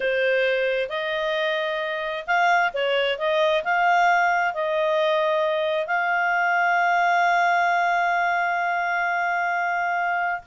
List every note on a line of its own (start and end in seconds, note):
0.00 0.89 C5
0.89 2.25 D#5
2.26 2.72 F5
2.73 3.18 C#5
3.18 3.63 D#5
3.64 4.54 F5
4.54 5.87 D#5
5.87 10.41 F5